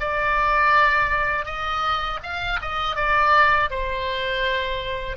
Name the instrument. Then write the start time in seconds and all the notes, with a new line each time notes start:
oboe
0.00 D5
1.45 D#5
2.23 F5
2.61 D#5
2.95 D5
3.70 C5